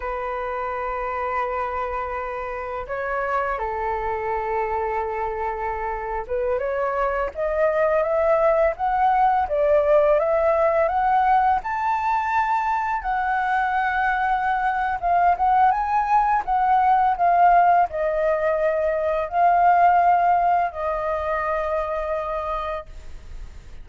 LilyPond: \new Staff \with { instrumentName = "flute" } { \time 4/4 \tempo 4 = 84 b'1 | cis''4 a'2.~ | a'8. b'8 cis''4 dis''4 e''8.~ | e''16 fis''4 d''4 e''4 fis''8.~ |
fis''16 a''2 fis''4.~ fis''16~ | fis''4 f''8 fis''8 gis''4 fis''4 | f''4 dis''2 f''4~ | f''4 dis''2. | }